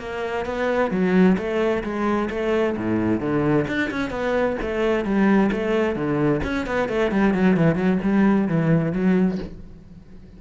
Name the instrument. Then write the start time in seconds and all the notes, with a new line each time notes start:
cello
0.00 A#3
0.46 B3
0.91 F#3
1.38 A3
1.84 G#3
2.30 A3
2.77 A2
3.21 D3
3.68 D4
3.91 C#4
4.11 B3
4.62 A3
5.05 G3
5.52 A3
5.96 D3
6.44 C#4
6.66 B3
6.89 A3
7.11 G3
7.34 F#3
7.57 E3
7.76 F#3
8.03 G3
8.48 E3
8.93 F#3